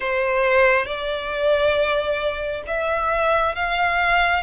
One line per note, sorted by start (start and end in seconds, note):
0.00 0.86 C5
0.86 2.62 D5
2.67 3.55 E5
3.55 4.43 F5